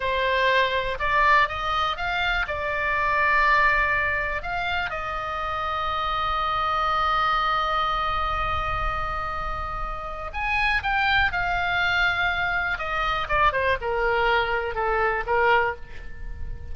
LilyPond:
\new Staff \with { instrumentName = "oboe" } { \time 4/4 \tempo 4 = 122 c''2 d''4 dis''4 | f''4 d''2.~ | d''4 f''4 dis''2~ | dis''1~ |
dis''1~ | dis''4 gis''4 g''4 f''4~ | f''2 dis''4 d''8 c''8 | ais'2 a'4 ais'4 | }